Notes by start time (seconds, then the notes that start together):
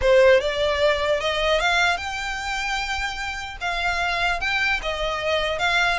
0.01 C5
0.40 D5
1.20 D#5
1.60 F5
1.97 G5
3.60 F5
4.40 G5
4.82 D#5
5.58 F5